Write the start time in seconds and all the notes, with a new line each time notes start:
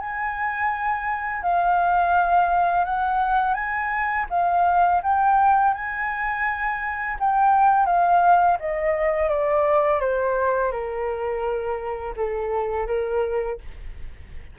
0.00 G#5
1.42 F5
2.85 F#5
3.54 G#5
4.30 F5
5.03 G5
5.74 G#5
7.20 G5
7.86 F5
8.60 D#5
9.29 D5
10.00 C5
10.72 A#4
12.17 A4
12.87 A#4